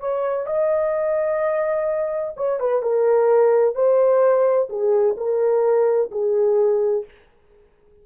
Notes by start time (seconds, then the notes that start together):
0.00 C#5
0.46 D#5
2.36 C#5
2.60 B4
2.82 A#4
3.75 C5
4.69 G#4
5.17 A#4
6.11 G#4